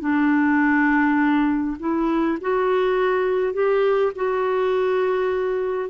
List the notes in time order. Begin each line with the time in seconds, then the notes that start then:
0.00 D4
1.79 E4
2.41 F#4
3.53 G4
4.15 F#4